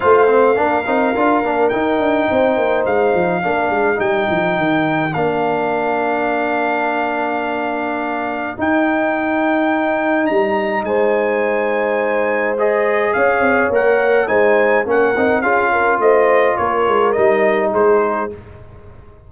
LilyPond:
<<
  \new Staff \with { instrumentName = "trumpet" } { \time 4/4 \tempo 4 = 105 f''2. g''4~ | g''4 f''2 g''4~ | g''4 f''2.~ | f''2. g''4~ |
g''2 ais''4 gis''4~ | gis''2 dis''4 f''4 | fis''4 gis''4 fis''4 f''4 | dis''4 cis''4 dis''4 c''4 | }
  \new Staff \with { instrumentName = "horn" } { \time 4/4 c''4 ais'2. | c''2 ais'2~ | ais'1~ | ais'1~ |
ais'2. c''4~ | c''2. cis''4~ | cis''4 c''4 ais'4 gis'8 ais'8 | c''4 ais'2 gis'4 | }
  \new Staff \with { instrumentName = "trombone" } { \time 4/4 f'8 c'8 d'8 dis'8 f'8 d'8 dis'4~ | dis'2 d'4 dis'4~ | dis'4 d'2.~ | d'2. dis'4~ |
dis'1~ | dis'2 gis'2 | ais'4 dis'4 cis'8 dis'8 f'4~ | f'2 dis'2 | }
  \new Staff \with { instrumentName = "tuba" } { \time 4/4 a4 ais8 c'8 d'8 ais8 dis'8 d'8 | c'8 ais8 gis8 f8 ais8 gis8 g8 f8 | dis4 ais2.~ | ais2. dis'4~ |
dis'2 g4 gis4~ | gis2. cis'8 c'8 | ais4 gis4 ais8 c'8 cis'4 | a4 ais8 gis8 g4 gis4 | }
>>